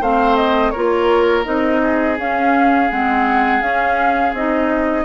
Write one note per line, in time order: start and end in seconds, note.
0.00 0.73 A3
0.00 0.74 C4
0.00 0.72 C5
0.00 0.35 F5
0.35 0.70 D#5
0.70 1.46 A#3
0.70 1.44 F4
0.70 1.80 A#4
0.70 1.42 C#5
1.44 2.18 C4
1.44 2.16 D#4
1.44 2.17 D#5
1.83 5.04 G#4
2.18 2.90 C#4
2.18 2.91 F5
2.90 3.61 G#3
2.90 3.61 C4
2.90 3.61 F#5
3.61 4.33 C#4
3.61 4.34 C#4
3.61 4.33 F5
4.33 5.04 C4
4.33 5.04 D#4
4.33 5.04 D#5